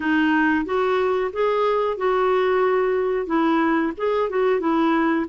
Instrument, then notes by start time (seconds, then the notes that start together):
clarinet
0.00 D#4
0.65 F#4
1.32 G#4
1.97 F#4
3.26 E4
3.97 G#4
4.29 F#4
4.59 E4